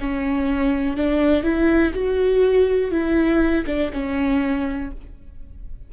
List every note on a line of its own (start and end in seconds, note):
0.00 0.97 C#4
0.97 1.43 D4
1.43 1.92 E4
1.94 2.91 F#4
2.91 3.65 E4
3.66 3.91 D4
3.93 4.91 C#4